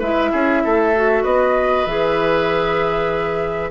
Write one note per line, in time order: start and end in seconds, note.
0.00 0.33 G#3
0.00 0.95 E4
0.00 0.31 B4
0.00 1.25 E5
0.32 0.65 C#4
0.32 0.63 G#4
0.65 1.25 A3
0.65 1.23 A4
0.95 1.88 F#4
1.23 1.87 B3
1.23 3.71 B4
1.23 1.86 D#5
1.86 3.71 E3
1.86 3.71 G#4
1.86 3.71 E5